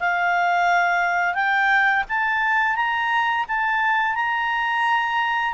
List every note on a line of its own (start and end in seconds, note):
0.00 1.34 F5
1.34 2.04 G5
2.09 2.76 A5
2.76 3.46 A#5
3.48 4.15 A5
4.15 5.54 A#5